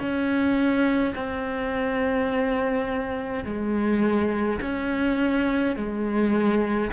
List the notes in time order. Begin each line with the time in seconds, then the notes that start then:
0.00 C#4
1.16 C4
3.45 G#3
4.62 C#4
5.76 G#3